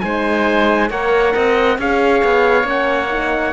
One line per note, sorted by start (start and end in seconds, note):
0.00 0.90 G#3
0.00 0.90 D#4
0.00 0.90 C5
0.00 0.88 G#5
0.90 1.34 A#3
0.90 1.78 A#4
0.90 1.34 C#5
0.90 1.79 F#5
1.34 1.78 C4
1.34 1.78 D#5
1.78 2.22 C#4
1.78 2.63 G#4
1.78 3.53 C#5
1.78 2.69 F5
2.24 2.64 B3
2.63 3.52 A#3
2.63 3.08 C#4
2.63 3.53 F#5
3.10 3.53 D#4